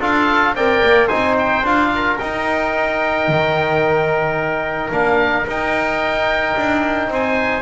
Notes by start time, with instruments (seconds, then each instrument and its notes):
0.00 double bass D4, trombone F4, trumpet A4, oboe F5
0.55 double bass C4, trombone A#4, trumpet D5, oboe G5
0.83 double bass A#3
1.08 double bass C4, trombone D#4, trumpet C5, oboe G#5
1.39 oboe G5
1.63 double bass D4, trombone F4, oboe F5
1.95 trumpet A#4
2.18 trombone D#4, double bass D#4, oboe G5
3.28 double bass D#3
4.91 double bass A#3, trombone D4, oboe F5
5.46 double bass D#4, trombone D#4, oboe G5
6.57 double bass D4
7.08 double bass C4, trumpet C5, oboe G#5